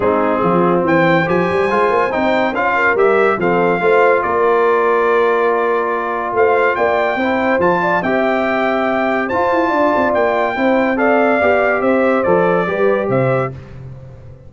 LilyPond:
<<
  \new Staff \with { instrumentName = "trumpet" } { \time 4/4 \tempo 4 = 142 gis'2 g''4 gis''4~ | gis''4 g''4 f''4 e''4 | f''2 d''2~ | d''2. f''4 |
g''2 a''4 g''4~ | g''2 a''2 | g''2 f''2 | e''4 d''2 e''4 | }
  \new Staff \with { instrumentName = "horn" } { \time 4/4 dis'4 f'4 c''2~ | c''2~ c''8 ais'4. | a'4 c''4 ais'2~ | ais'2. c''4 |
d''4 c''4. d''8 e''4~ | e''2 c''4 d''4~ | d''4 c''4 d''2 | c''2 b'4 c''4 | }
  \new Staff \with { instrumentName = "trombone" } { \time 4/4 c'2. g'4 | f'4 dis'4 f'4 g'4 | c'4 f'2.~ | f'1~ |
f'4 e'4 f'4 g'4~ | g'2 f'2~ | f'4 e'4 a'4 g'4~ | g'4 a'4 g'2 | }
  \new Staff \with { instrumentName = "tuba" } { \time 4/4 gis4 f4 e4 f8 g8 | gis8 ais8 c'4 cis'4 g4 | f4 a4 ais2~ | ais2. a4 |
ais4 c'4 f4 c'4~ | c'2 f'8 e'8 d'8 c'8 | ais4 c'2 b4 | c'4 f4 g4 c4 | }
>>